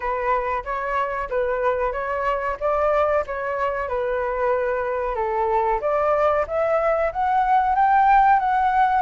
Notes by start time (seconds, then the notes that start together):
0.00 B4
0.64 C#5
1.29 B4
1.92 C#5
2.60 D5
3.26 C#5
3.88 B4
5.15 A4
5.81 D5
6.47 E5
7.12 F#5
7.75 G5
8.39 F#5